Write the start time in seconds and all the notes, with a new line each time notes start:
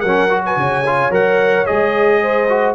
0.00 F#3 C#4 A#4 F#5
0.30 F#4
0.45 B4 G#5
0.56 C#3 C#5
0.86 F4
1.11 F#3 A#4 F#5
1.66 G#3 G#4 D#5
2.22 C5
2.48 F#4